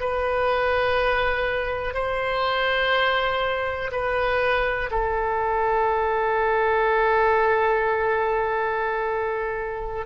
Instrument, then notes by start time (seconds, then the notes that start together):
oboe
0.00 B4
1.94 C5
3.92 B4
4.91 A4